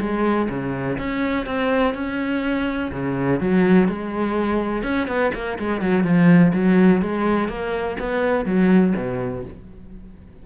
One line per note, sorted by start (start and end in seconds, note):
0.00 0.48 G#3
0.49 0.97 C#3
0.98 1.46 C#4
1.46 1.94 C4
1.94 2.91 C#4
2.92 3.40 C#3
3.40 3.88 F#3
3.88 4.83 G#3
4.83 5.07 C#4
5.07 5.31 B3
5.34 5.58 A#3
5.59 5.81 G#3
5.81 6.04 F#3
6.04 6.52 F3
6.53 7.02 F#3
7.02 7.48 G#3
7.48 7.97 A#3
7.99 8.45 B3
8.45 8.94 F#3
8.96 9.44 B2